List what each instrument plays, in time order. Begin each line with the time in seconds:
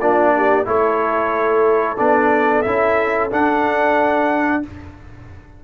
0.00 tuba A#3, trombone D4, horn F4, trumpet D5
0.36 horn G4
0.65 tuba A3, trombone E4, horn A4, trumpet C#5
1.97 tuba B3, trombone D4, trumpet D5
2.62 tuba C#4, trombone E4, trumpet E5
3.31 trombone D4, tuba D4, trumpet F#5